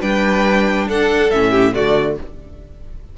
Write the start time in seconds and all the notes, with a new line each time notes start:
0.00 G3 D4 B4 G5
0.88 D4 A4 F#5
1.30 A2 C#4 E5
1.51 G4
1.73 D3 A3 F#4 D5